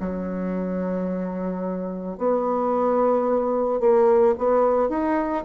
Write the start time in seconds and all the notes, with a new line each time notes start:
0.00 F#3
2.18 B3
3.80 A#3
4.38 B3
4.89 D#4